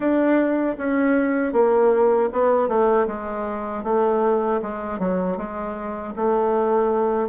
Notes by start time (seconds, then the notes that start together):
0.00 D4
0.77 C#4
1.52 A#3
2.32 B3
2.68 A3
3.07 G#3
3.83 A3
4.62 G#3
4.99 F#3
5.37 G#3
6.16 A3